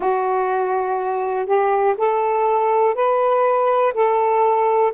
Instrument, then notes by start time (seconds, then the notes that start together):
saxophone
0.00 F#4
1.46 G4
1.97 A4
2.94 B4
3.93 A4